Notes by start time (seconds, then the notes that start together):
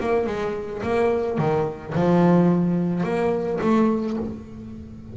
0.00 A#3
0.27 G#3
0.83 A#3
1.38 D#3
1.95 F3
3.04 A#3
3.61 A3